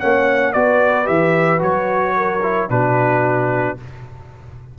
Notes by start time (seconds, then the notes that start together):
0.00 A#3 C#4 C#5 F#5
0.53 B3 F#4 B4 D5
1.05 E3 G4 E5
1.59 F#3 F#4 C#5
2.17 A#4
2.43 E4
2.70 B2 D4 F#4 B4